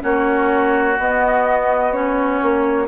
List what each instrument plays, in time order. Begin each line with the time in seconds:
0.00 bassoon A#3, clarinet C#4, oboe F#4, flute C#5
0.99 bassoon B3, clarinet B3, flute D#5
1.93 clarinet C#4, flute C#5
2.42 bassoon A#3